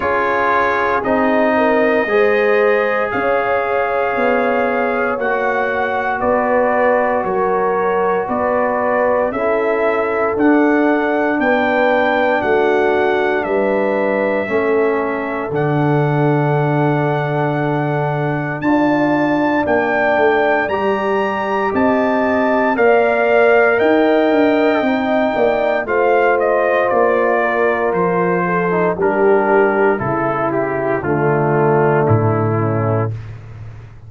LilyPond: <<
  \new Staff \with { instrumentName = "trumpet" } { \time 4/4 \tempo 4 = 58 cis''4 dis''2 f''4~ | f''4 fis''4 d''4 cis''4 | d''4 e''4 fis''4 g''4 | fis''4 e''2 fis''4~ |
fis''2 a''4 g''4 | ais''4 a''4 f''4 g''4~ | g''4 f''8 dis''8 d''4 c''4 | ais'4 a'8 g'8 f'4 e'4 | }
  \new Staff \with { instrumentName = "horn" } { \time 4/4 gis'4. ais'8 c''4 cis''4~ | cis''2 b'4 ais'4 | b'4 a'2 b'4 | fis'4 b'4 a'2~ |
a'2 d''2~ | d''4 dis''4 d''4 dis''4~ | dis''8 d''8 c''4. ais'4 a'8 | g'4 e'4 d'4. cis'8 | }
  \new Staff \with { instrumentName = "trombone" } { \time 4/4 f'4 dis'4 gis'2~ | gis'4 fis'2.~ | fis'4 e'4 d'2~ | d'2 cis'4 d'4~ |
d'2 f'4 d'4 | g'2 ais'2 | dis'4 f'2~ f'8. dis'16 | d'4 e'4 a2 | }
  \new Staff \with { instrumentName = "tuba" } { \time 4/4 cis'4 c'4 gis4 cis'4 | b4 ais4 b4 fis4 | b4 cis'4 d'4 b4 | a4 g4 a4 d4~ |
d2 d'4 ais8 a8 | g4 c'4 ais4 dis'8 d'8 | c'8 ais8 a4 ais4 f4 | g4 cis4 d4 a,4 | }
>>